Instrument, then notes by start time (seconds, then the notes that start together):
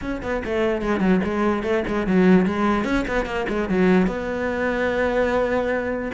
cello
0.01 C#4
0.22 B3
0.44 A3
0.81 G#3
1.00 F#3
1.24 G#3
1.63 A3
1.87 G#3
2.06 F#3
2.45 G#3
2.84 C#4
3.07 B3
3.25 A#3
3.49 G#3
3.69 F#3
4.06 B3